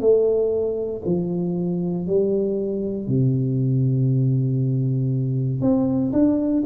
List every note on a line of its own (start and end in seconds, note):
0.00 1.02 A3
1.05 2.07 F3
2.07 3.07 G3
3.07 5.61 C3
5.61 6.12 C4
6.13 6.64 D4